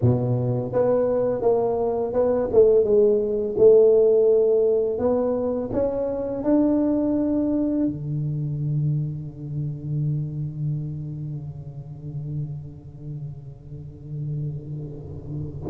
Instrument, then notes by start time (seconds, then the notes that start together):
tuba
0.01 B2
0.72 B3
1.41 A#3
2.13 B3
2.52 A3
2.84 G#3
3.57 A3
4.98 B3
5.72 C#4
6.43 D4
7.86 D3